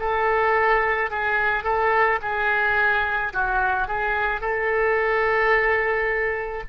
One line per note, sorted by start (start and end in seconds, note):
0.00 1.11 A4
1.11 1.64 G#4
1.64 2.20 A4
2.22 3.33 G#4
3.34 3.88 F#4
3.88 4.41 G#4
4.41 6.64 A4